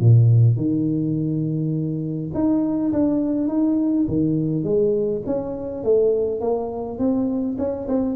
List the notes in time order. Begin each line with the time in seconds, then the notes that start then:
0.00 A#2
0.57 D#3
2.34 D#4
2.93 D4
3.48 D#4
4.08 D#3
4.64 G#3
5.26 C#4
5.84 A3
6.41 A#3
6.98 C4
7.58 C#4
7.89 C4